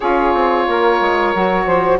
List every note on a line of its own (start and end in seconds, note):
0.00 0.33 C#4
0.00 1.33 F4
0.00 0.65 G#4
0.00 1.97 C#5
0.33 0.67 C4
0.67 1.00 A#3
0.67 1.65 A#4
1.00 1.34 G#3
1.33 1.66 F#3
1.33 1.99 F#4
1.65 1.99 F3
1.65 1.98 C5